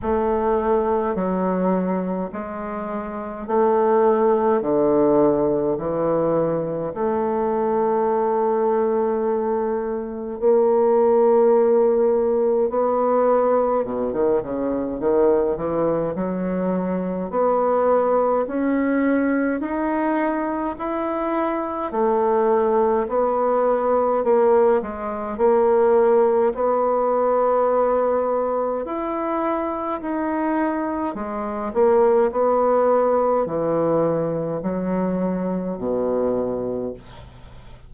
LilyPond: \new Staff \with { instrumentName = "bassoon" } { \time 4/4 \tempo 4 = 52 a4 fis4 gis4 a4 | d4 e4 a2~ | a4 ais2 b4 | b,16 dis16 cis8 dis8 e8 fis4 b4 |
cis'4 dis'4 e'4 a4 | b4 ais8 gis8 ais4 b4~ | b4 e'4 dis'4 gis8 ais8 | b4 e4 fis4 b,4 | }